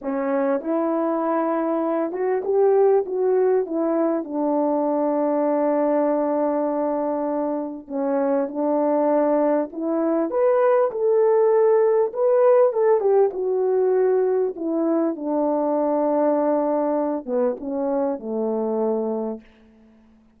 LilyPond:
\new Staff \with { instrumentName = "horn" } { \time 4/4 \tempo 4 = 99 cis'4 e'2~ e'8 fis'8 | g'4 fis'4 e'4 d'4~ | d'1~ | d'4 cis'4 d'2 |
e'4 b'4 a'2 | b'4 a'8 g'8 fis'2 | e'4 d'2.~ | d'8 b8 cis'4 a2 | }